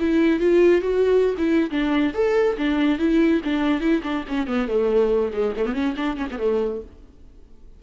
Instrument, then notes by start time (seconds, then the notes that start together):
viola
0.00 E4
0.40 F4
0.82 F#4
1.38 E4
1.71 D4
2.14 A4
2.58 D4
2.99 E4
3.45 D4
3.81 E4
4.03 D4
4.29 C#4
4.47 B3
4.68 A3
5.33 G#3
5.57 A3
5.67 B3
5.74 C#4
5.97 D4
6.17 C#4
6.31 B3
6.39 A3